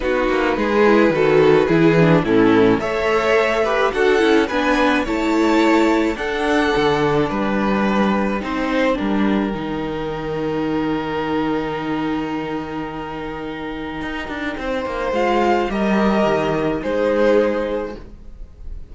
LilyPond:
<<
  \new Staff \with { instrumentName = "violin" } { \time 4/4 \tempo 4 = 107 b'1 | a'4 e''2 fis''4 | gis''4 a''2 fis''4~ | fis''4 g''2.~ |
g''1~ | g''1~ | g''2. f''4 | dis''2 c''2 | }
  \new Staff \with { instrumentName = "violin" } { \time 4/4 fis'4 gis'4 a'4 gis'4 | e'4 cis''4. b'8 a'4 | b'4 cis''2 a'4~ | a'4 b'2 c''4 |
ais'1~ | ais'1~ | ais'2 c''2 | ais'2 gis'2 | }
  \new Staff \with { instrumentName = "viola" } { \time 4/4 dis'4. e'8 fis'4 e'8 d'8 | cis'4 a'4. g'8 fis'8 e'8 | d'4 e'2 d'4~ | d'2. dis'4 |
d'4 dis'2.~ | dis'1~ | dis'2. f'4 | g'2 dis'2 | }
  \new Staff \with { instrumentName = "cello" } { \time 4/4 b8 ais8 gis4 dis4 e4 | a,4 a2 d'8 cis'8 | b4 a2 d'4 | d4 g2 c'4 |
g4 dis2.~ | dis1~ | dis4 dis'8 d'8 c'8 ais8 gis4 | g4 dis4 gis2 | }
>>